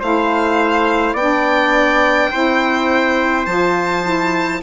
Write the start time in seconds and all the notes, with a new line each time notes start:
0.00 A3 E4 C5 F5
1.14 B3 D4 D5 G5
2.31 C4 E4 C5
3.46 F3 F4 A5
4.03 E4